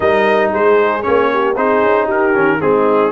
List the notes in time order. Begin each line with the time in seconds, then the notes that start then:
0.00 G3 D#4 A#4 D#5
0.53 G#3 G#4 C5
1.02 A#3 C#4 C#5
1.31 G4
1.56 C4 D#4 G#4 C5
1.82 C#4
2.05 D#4 G4 A#4
2.33 D#3 C#4
2.60 G#3 C4 D#4 G#4